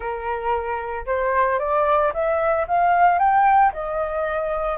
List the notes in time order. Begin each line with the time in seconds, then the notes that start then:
0.00 A#4
1.06 C5
1.59 D5
2.13 E5
2.67 F5
3.18 G5
3.72 D#5